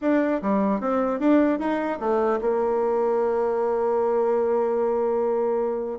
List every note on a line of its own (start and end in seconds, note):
0.01 0.41 D4
0.42 0.80 G3
0.80 1.19 C4
1.19 1.59 D4
1.59 1.99 D#4
1.99 2.39 A3
2.41 5.99 A#3